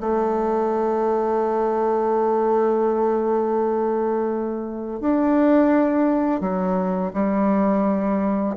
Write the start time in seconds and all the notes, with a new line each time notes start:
0.00 A3
5.00 D4
6.40 F#3
7.13 G3